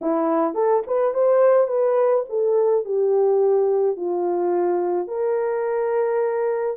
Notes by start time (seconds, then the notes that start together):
0.01 E4
0.54 A4
0.86 B4
1.13 C5
1.67 B4
2.29 A4
2.84 G4
3.96 F4
5.07 A#4